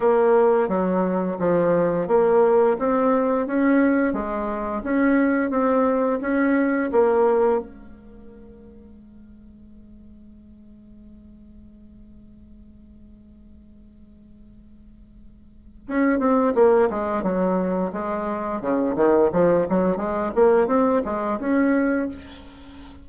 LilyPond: \new Staff \with { instrumentName = "bassoon" } { \time 4/4 \tempo 4 = 87 ais4 fis4 f4 ais4 | c'4 cis'4 gis4 cis'4 | c'4 cis'4 ais4 gis4~ | gis1~ |
gis1~ | gis2. cis'8 c'8 | ais8 gis8 fis4 gis4 cis8 dis8 | f8 fis8 gis8 ais8 c'8 gis8 cis'4 | }